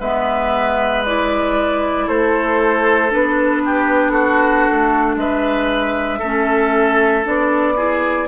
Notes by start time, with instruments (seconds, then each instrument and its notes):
0.00 bassoon G#3, clarinet B3, oboe B4, flute E5
1.06 clarinet E4, flute D5
2.08 bassoon A3, oboe A4, flute C5
3.10 bassoon B3, clarinet D4, flute B4
3.65 oboe G4
4.11 oboe F#4, flute A4
4.72 bassoon A3
5.16 bassoon G#3, oboe B4, flute E5
6.19 bassoon A3, oboe A4
6.25 clarinet C#4
7.24 bassoon B3, clarinet D4, flute D5
7.77 clarinet E4, oboe G#4